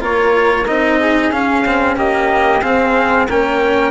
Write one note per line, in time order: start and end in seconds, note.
0.00 0.66 A#3
0.00 0.65 F4
0.00 0.99 A#4
0.00 0.66 C#5
0.66 1.31 C4
0.66 1.32 D#4
0.66 1.32 D#5
0.99 1.97 G#4
1.31 2.61 C#4
1.31 1.65 C#4
1.31 1.97 F5
1.65 1.96 C4
1.96 2.61 A#3
1.96 2.61 G4
1.96 2.62 D#5
2.61 3.27 C4
2.61 3.28 C4
2.61 3.27 G#4
2.61 3.27 F5
3.28 3.91 A#3
3.28 3.91 C#4
3.28 3.91 A#4
3.28 3.91 G5